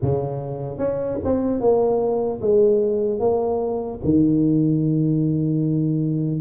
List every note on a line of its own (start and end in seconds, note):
0.01 0.77 C#3
0.77 1.17 C#4
1.24 1.60 C4
1.60 2.40 A#3
2.41 3.19 G#3
3.19 3.99 A#3
4.04 6.40 D#3